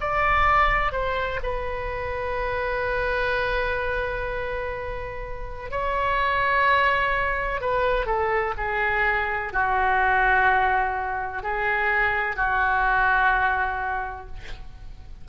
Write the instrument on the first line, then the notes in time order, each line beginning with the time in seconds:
oboe
0.00 D5
0.92 C5
1.42 B4
5.71 C#5
7.61 B4
8.06 A4
8.57 G#4
9.52 F#4
11.42 G#4
12.36 F#4